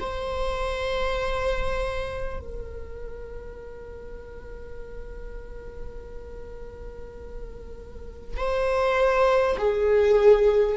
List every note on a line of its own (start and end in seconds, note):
0.00 2.39 C5
2.39 8.37 A#4
8.37 9.57 C5
9.58 10.77 G#4